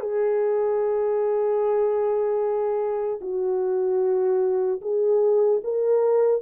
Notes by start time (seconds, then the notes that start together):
0.00 G#4
3.21 F#4
4.81 G#4
5.64 A#4